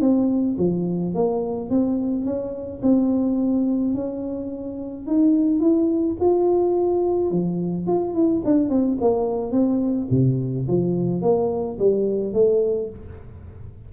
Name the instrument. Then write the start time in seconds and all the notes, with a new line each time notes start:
tuba
0.00 C4
0.58 F3
1.14 A#3
1.70 C4
2.25 C#4
2.82 C4
3.94 C#4
5.06 D#4
5.60 E4
6.20 F4
7.30 F3
7.86 F4
8.14 E4
8.44 D4
8.69 C4
9.01 A#3
9.51 C4
10.10 C3
10.67 F3
11.21 A#3
11.78 G3
12.33 A3